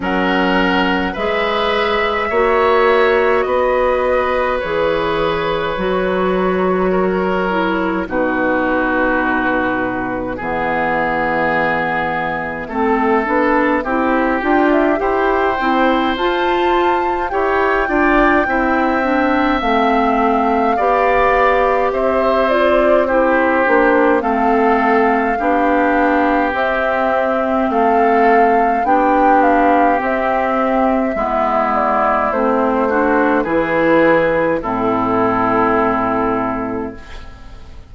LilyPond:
<<
  \new Staff \with { instrumentName = "flute" } { \time 4/4 \tempo 4 = 52 fis''4 e''2 dis''4 | cis''2. b'4~ | b'4 e''2.~ | e''8 g''16 e''16 g''4 a''4 g''4~ |
g''4 f''2 e''8 d''8 | c''4 f''2 e''4 | f''4 g''8 f''8 e''4. d''8 | c''4 b'4 a'2 | }
  \new Staff \with { instrumentName = "oboe" } { \time 4/4 ais'4 b'4 cis''4 b'4~ | b'2 ais'4 fis'4~ | fis'4 gis'2 a'4 | g'4 c''2 cis''8 d''8 |
e''2 d''4 c''4 | g'4 a'4 g'2 | a'4 g'2 e'4~ | e'8 fis'8 gis'4 e'2 | }
  \new Staff \with { instrumentName = "clarinet" } { \time 4/4 cis'4 gis'4 fis'2 | gis'4 fis'4. e'8 dis'4~ | dis'4 b2 c'8 d'8 | e'8 f'8 g'8 e'8 f'4 g'8 f'8 |
e'8 d'8 c'4 g'4. f'8 | e'8 d'8 c'4 d'4 c'4~ | c'4 d'4 c'4 b4 | c'8 d'8 e'4 c'2 | }
  \new Staff \with { instrumentName = "bassoon" } { \time 4/4 fis4 gis4 ais4 b4 | e4 fis2 b,4~ | b,4 e2 a8 b8 | c'8 d'8 e'8 c'8 f'4 e'8 d'8 |
c'4 a4 b4 c'4~ | c'8 ais8 a4 b4 c'4 | a4 b4 c'4 gis4 | a4 e4 a,2 | }
>>